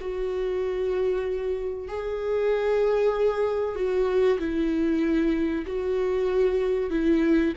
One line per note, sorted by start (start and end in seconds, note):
0.00 1.87 F#4
1.87 3.75 G#4
3.75 4.38 F#4
4.38 5.65 E4
5.66 6.90 F#4
6.90 7.53 E4